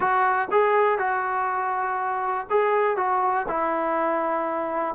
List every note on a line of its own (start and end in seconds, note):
0.00 0.48 F#4
0.51 0.98 G#4
0.98 2.47 F#4
2.50 2.96 G#4
2.96 3.46 F#4
3.47 4.95 E4